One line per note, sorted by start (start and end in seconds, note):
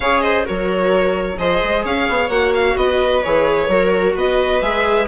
0.00 0.46 C#3
0.00 0.45 G#4
0.00 0.23 C#5
0.00 0.20 F5
0.20 0.45 C5
0.20 0.44 D#5
0.45 1.38 F#3
0.45 1.37 F#4
0.45 1.37 A#4
0.45 1.38 C#5
1.37 1.61 F3
1.37 2.30 G#4
1.37 1.84 C5
1.37 1.84 D#5
1.63 1.84 G#3
1.84 2.07 C#4
1.84 2.76 C#5
1.84 2.29 F5
2.08 2.29 B3
2.29 2.75 A#3
2.29 3.23 F#4
2.29 2.52 F#5
2.54 2.77 F5
2.76 3.22 B3
2.76 3.71 B4
2.76 3.22 D#5
3.22 3.67 E3
3.22 3.70 G#4
3.22 4.15 C#5
3.67 4.14 F#3
3.67 4.62 F#4
3.67 4.15 A#4
4.15 4.61 B3
4.15 5.07 B4
4.15 4.61 D#5
4.61 5.07 G#3
4.61 5.07 G#4
4.61 5.07 E5